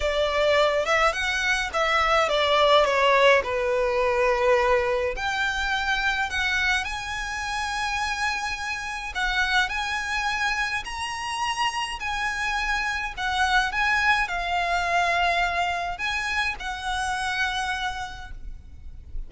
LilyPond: \new Staff \with { instrumentName = "violin" } { \time 4/4 \tempo 4 = 105 d''4. e''8 fis''4 e''4 | d''4 cis''4 b'2~ | b'4 g''2 fis''4 | gis''1 |
fis''4 gis''2 ais''4~ | ais''4 gis''2 fis''4 | gis''4 f''2. | gis''4 fis''2. | }